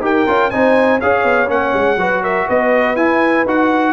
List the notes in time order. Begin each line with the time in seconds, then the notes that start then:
0.00 D#4 G4 A#4 G5
0.26 C#4 F4
0.50 C4 D#4 C5 G#5
1.00 C#4 G#4 C#5 F5
1.23 B3
1.46 A#3 C#4 F#5
1.73 G#3
1.96 F#3 F#4 B4
2.22 A#4 E5
2.47 B3 B4 D#5
2.95 E4 G#5
3.45 D#4 F#4 F#5